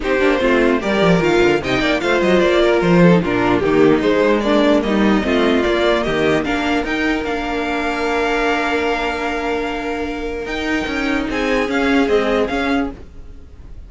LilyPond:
<<
  \new Staff \with { instrumentName = "violin" } { \time 4/4 \tempo 4 = 149 c''2 d''4 f''4 | g''4 f''8 dis''8 d''4 c''4 | ais'4 g'4 c''4 d''4 | dis''2 d''4 dis''4 |
f''4 g''4 f''2~ | f''1~ | f''2 g''2 | gis''4 f''4 dis''4 f''4 | }
  \new Staff \with { instrumentName = "violin" } { \time 4/4 g'4 f'4 ais'2 | dis''8 d''8 c''4. ais'4 a'8 | f'4 dis'2 d'4 | dis'4 f'2 g'4 |
ais'1~ | ais'1~ | ais'1 | gis'1 | }
  \new Staff \with { instrumentName = "viola" } { \time 4/4 dis'8 d'8 c'4 g'4 f'4 | dis'4 f'2~ f'8. dis'16 | d'4 ais4 gis4 ais4~ | ais4 c'4 ais2 |
d'4 dis'4 d'2~ | d'1~ | d'2 dis'2~ | dis'4 cis'4 gis4 cis'4 | }
  \new Staff \with { instrumentName = "cello" } { \time 4/4 c'8 ais8 a4 g8 f8 dis8 d8 | c8 ais8 a8 fis8 ais4 f4 | ais,4 dis4 gis2 | g4 a4 ais4 dis4 |
ais4 dis'4 ais2~ | ais1~ | ais2 dis'4 cis'4 | c'4 cis'4 c'4 cis'4 | }
>>